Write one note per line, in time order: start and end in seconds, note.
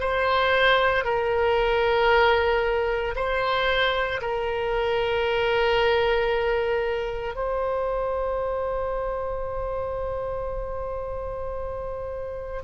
0.00 1.04 C5
1.04 3.15 A#4
3.15 4.21 C5
4.21 7.35 A#4
7.35 12.61 C5